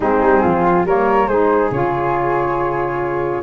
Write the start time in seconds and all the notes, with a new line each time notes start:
0.00 G#3 C4 D#4 G#4
0.21 G3
0.42 F3 F4
0.84 G3 A#3 A#4 C#5
1.27 G#3 D#4 G#4 C5
1.71 C#3 F4 C#5